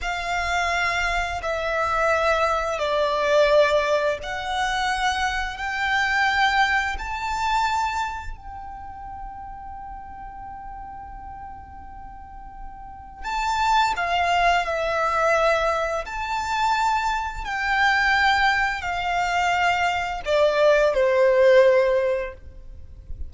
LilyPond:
\new Staff \with { instrumentName = "violin" } { \time 4/4 \tempo 4 = 86 f''2 e''2 | d''2 fis''2 | g''2 a''2 | g''1~ |
g''2. a''4 | f''4 e''2 a''4~ | a''4 g''2 f''4~ | f''4 d''4 c''2 | }